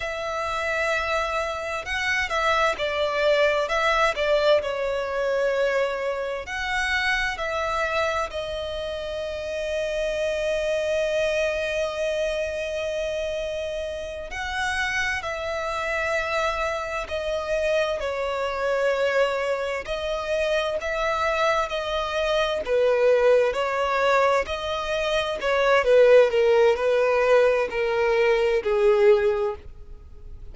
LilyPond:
\new Staff \with { instrumentName = "violin" } { \time 4/4 \tempo 4 = 65 e''2 fis''8 e''8 d''4 | e''8 d''8 cis''2 fis''4 | e''4 dis''2.~ | dis''2.~ dis''8 fis''8~ |
fis''8 e''2 dis''4 cis''8~ | cis''4. dis''4 e''4 dis''8~ | dis''8 b'4 cis''4 dis''4 cis''8 | b'8 ais'8 b'4 ais'4 gis'4 | }